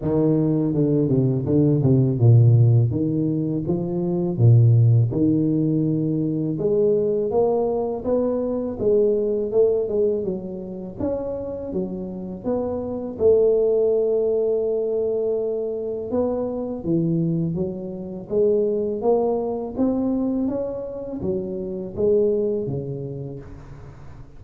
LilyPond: \new Staff \with { instrumentName = "tuba" } { \time 4/4 \tempo 4 = 82 dis4 d8 c8 d8 c8 ais,4 | dis4 f4 ais,4 dis4~ | dis4 gis4 ais4 b4 | gis4 a8 gis8 fis4 cis'4 |
fis4 b4 a2~ | a2 b4 e4 | fis4 gis4 ais4 c'4 | cis'4 fis4 gis4 cis4 | }